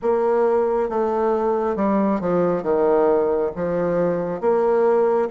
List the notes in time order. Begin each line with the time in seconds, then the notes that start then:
0.02 A#3
0.89 A3
1.76 G3
2.20 F3
2.62 D#3
3.55 F3
4.40 A#3